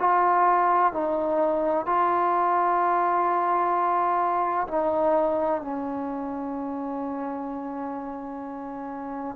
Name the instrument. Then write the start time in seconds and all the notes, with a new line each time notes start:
trombone
0.00 F4
0.93 D#4
1.87 F4
4.68 D#4
5.62 C#4